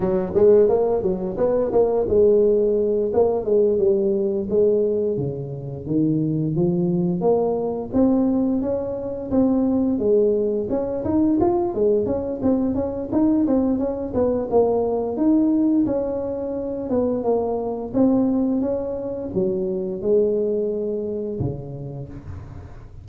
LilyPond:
\new Staff \with { instrumentName = "tuba" } { \time 4/4 \tempo 4 = 87 fis8 gis8 ais8 fis8 b8 ais8 gis4~ | gis8 ais8 gis8 g4 gis4 cis8~ | cis8 dis4 f4 ais4 c'8~ | c'8 cis'4 c'4 gis4 cis'8 |
dis'8 f'8 gis8 cis'8 c'8 cis'8 dis'8 c'8 | cis'8 b8 ais4 dis'4 cis'4~ | cis'8 b8 ais4 c'4 cis'4 | fis4 gis2 cis4 | }